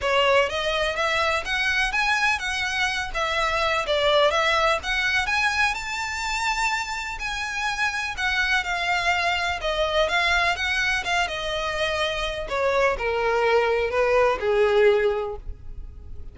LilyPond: \new Staff \with { instrumentName = "violin" } { \time 4/4 \tempo 4 = 125 cis''4 dis''4 e''4 fis''4 | gis''4 fis''4. e''4. | d''4 e''4 fis''4 gis''4 | a''2. gis''4~ |
gis''4 fis''4 f''2 | dis''4 f''4 fis''4 f''8 dis''8~ | dis''2 cis''4 ais'4~ | ais'4 b'4 gis'2 | }